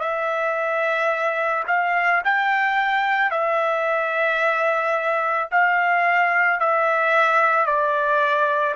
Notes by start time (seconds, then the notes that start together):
0.00 E5
1.67 F5
2.24 G5
3.31 E5
5.51 F5
6.60 E5
7.66 D5